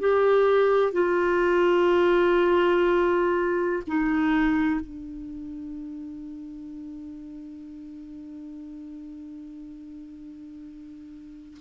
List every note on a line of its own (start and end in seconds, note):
0.00 0.93 G4
0.93 3.83 F4
3.88 4.81 D#4
4.81 11.58 D4